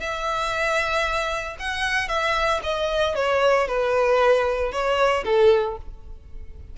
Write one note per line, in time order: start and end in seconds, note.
0.00 1.57 E5
1.59 2.08 F#5
2.08 2.60 E5
2.63 3.15 D#5
3.15 3.68 C#5
3.68 4.72 B4
4.72 5.24 C#5
5.25 5.77 A4